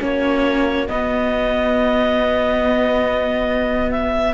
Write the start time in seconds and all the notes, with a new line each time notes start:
0.00 A#3 C#4 F#4 C#5
0.89 B3 D#5
3.91 E5